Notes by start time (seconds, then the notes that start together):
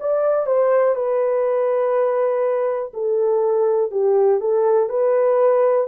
0.00 D5
0.46 C5
0.95 B4
2.94 A4
3.91 G4
4.40 A4
4.89 B4